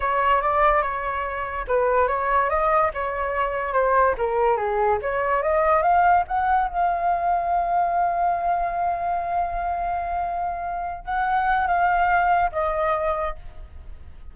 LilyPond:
\new Staff \with { instrumentName = "flute" } { \time 4/4 \tempo 4 = 144 cis''4 d''4 cis''2 | b'4 cis''4 dis''4 cis''4~ | cis''4 c''4 ais'4 gis'4 | cis''4 dis''4 f''4 fis''4 |
f''1~ | f''1~ | f''2~ f''8 fis''4. | f''2 dis''2 | }